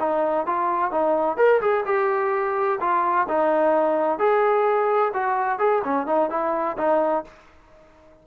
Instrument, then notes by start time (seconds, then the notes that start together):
trombone
0.00 D#4
0.47 F4
0.92 D#4
1.38 A#4
1.62 G#4
1.86 G4
2.81 F4
3.29 D#4
4.19 G#4
5.14 F#4
5.59 G#4
5.84 C#4
6.07 D#4
6.30 E4
6.78 D#4